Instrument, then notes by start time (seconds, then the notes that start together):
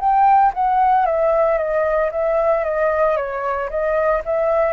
flute
0.00 G5
0.54 F#5
1.06 E5
1.58 D#5
2.11 E5
2.64 D#5
3.17 C#5
3.70 D#5
4.25 E5